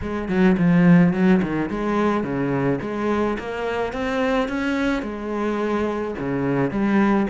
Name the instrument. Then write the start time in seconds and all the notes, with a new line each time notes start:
cello
0.01 G#3
0.28 F#3
0.57 F3
1.13 F#3
1.42 D#3
1.69 G#3
2.23 C#3
2.81 G#3
3.38 A#3
3.93 C4
4.48 C#4
5.02 G#3
6.18 C#3
6.70 G3